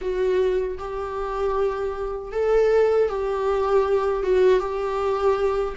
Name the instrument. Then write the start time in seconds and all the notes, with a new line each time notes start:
viola
0.01 F#4
0.78 G4
2.32 A4
3.09 G4
4.23 F#4
4.59 G4